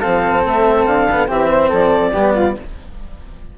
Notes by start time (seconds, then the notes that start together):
0.00 C4 A4 F5
0.06 F3
0.46 A3 E5
0.86 D3 F5
1.12 B3
1.28 E3 C4 G4 E5
1.51 C5
1.69 F3 A4 D5
2.13 G3 B3 G4
2.35 F4